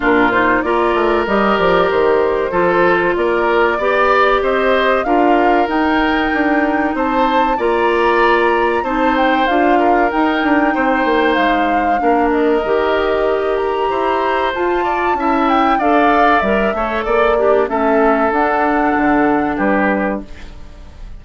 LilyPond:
<<
  \new Staff \with { instrumentName = "flute" } { \time 4/4 \tempo 4 = 95 ais'8 c''8 d''4 dis''8 d''8 c''4~ | c''4 d''2 dis''4 | f''4 g''2 a''4 | ais''2 a''8 g''8 f''4 |
g''2 f''4. dis''8~ | dis''4. ais''4. a''4~ | a''8 g''8 f''4 e''4 d''4 | e''4 fis''2 b'4 | }
  \new Staff \with { instrumentName = "oboe" } { \time 4/4 f'4 ais'2. | a'4 ais'4 d''4 c''4 | ais'2. c''4 | d''2 c''4. ais'8~ |
ais'4 c''2 ais'4~ | ais'2 c''4. d''8 | e''4 d''4. cis''8 d''8 d'8 | a'2. g'4 | }
  \new Staff \with { instrumentName = "clarinet" } { \time 4/4 d'8 dis'8 f'4 g'2 | f'2 g'2 | f'4 dis'2. | f'2 dis'4 f'4 |
dis'2. d'4 | g'2. f'4 | e'4 a'4 ais'8 a'4 g'8 | cis'4 d'2. | }
  \new Staff \with { instrumentName = "bassoon" } { \time 4/4 ais,4 ais8 a8 g8 f8 dis4 | f4 ais4 b4 c'4 | d'4 dis'4 d'4 c'4 | ais2 c'4 d'4 |
dis'8 d'8 c'8 ais8 gis4 ais4 | dis2 e'4 f'4 | cis'4 d'4 g8 a8 ais4 | a4 d'4 d4 g4 | }
>>